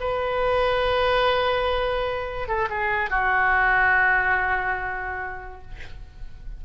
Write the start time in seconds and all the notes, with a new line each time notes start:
0.00 B4
2.48 A4
2.70 G#4
3.10 F#4